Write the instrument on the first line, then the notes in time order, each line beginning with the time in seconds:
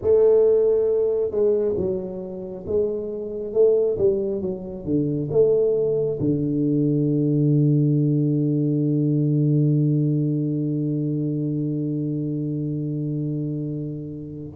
tuba
0.01 A3
1.30 G#3
1.76 F#3
2.66 G#3
3.53 A3
3.98 G3
4.41 F#3
4.84 D3
5.30 A3
6.20 D3